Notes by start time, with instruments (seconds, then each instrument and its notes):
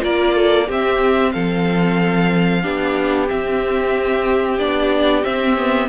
0.00 cello A#3, viola F4, violin A#4 D5
0.35 violin A4
0.67 cello C4, viola C4, violin G4 E5
1.32 cello F3, violin A4 F5
2.62 cello B3, viola D4, violin G4
3.26 viola C4, cello C4, violin E5
4.58 cello B3, viola D4, violin D5
5.23 viola C4, cello C4, violin E5
5.57 viola B3